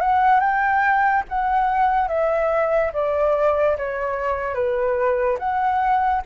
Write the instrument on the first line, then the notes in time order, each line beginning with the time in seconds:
flute
0.00 F#5
0.40 G5
1.28 F#5
2.08 E5
2.93 D5
3.77 C#5
4.54 B4
5.38 F#5